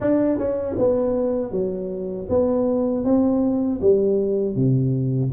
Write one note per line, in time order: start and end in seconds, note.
0.00 0.38 D4
0.38 0.76 C#4
0.78 1.51 B3
1.51 2.27 F#3
2.29 3.04 B3
3.04 3.80 C4
3.81 4.55 G3
4.55 5.31 C3